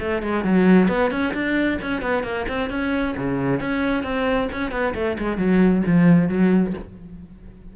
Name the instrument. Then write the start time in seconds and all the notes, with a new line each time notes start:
cello
0.00 A3
0.23 G#3
0.44 F#3
0.89 B3
1.11 C#4
1.34 D4
1.82 C#4
2.02 B3
2.24 A#3
2.49 C4
2.70 C#4
3.17 C#3
3.60 C#4
4.04 C4
4.52 C#4
4.71 B3
4.95 A3
5.19 G#3
5.38 F#3
5.86 F3
6.29 F#3